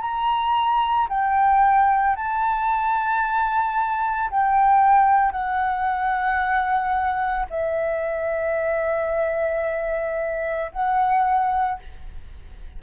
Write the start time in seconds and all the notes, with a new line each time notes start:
0.00 A#5
1.08 G5
2.15 A5
4.30 G5
5.31 F#5
7.50 E5
10.71 F#5